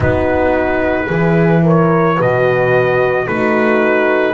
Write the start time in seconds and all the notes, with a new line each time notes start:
0.00 B3 D#4 F#4 B4
1.05 E3 G#4
1.12 E4
1.63 A#4 C#5
2.15 B2 F#4 B4 D#5
3.26 A3 D#4 F#4 B4